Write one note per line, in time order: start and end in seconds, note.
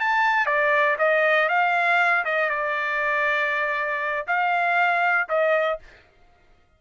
0.00 0.46 A5
0.46 0.96 D5
0.98 1.49 D#5
1.49 2.24 F5
2.25 2.50 D#5
2.50 4.26 D5
4.27 5.28 F5
5.29 5.79 D#5